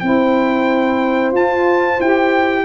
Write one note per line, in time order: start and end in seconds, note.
0.00 1.32 C4
0.00 1.34 E4
0.00 2.65 C5
0.00 1.32 G5
1.32 1.98 F4
1.32 1.99 F4
1.32 2.02 A5
2.00 2.65 E4
2.00 2.65 G4
2.00 2.65 G5